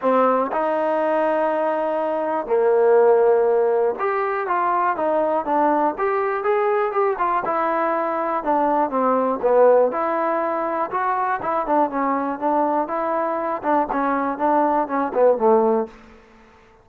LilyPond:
\new Staff \with { instrumentName = "trombone" } { \time 4/4 \tempo 4 = 121 c'4 dis'2.~ | dis'4 ais2. | g'4 f'4 dis'4 d'4 | g'4 gis'4 g'8 f'8 e'4~ |
e'4 d'4 c'4 b4 | e'2 fis'4 e'8 d'8 | cis'4 d'4 e'4. d'8 | cis'4 d'4 cis'8 b8 a4 | }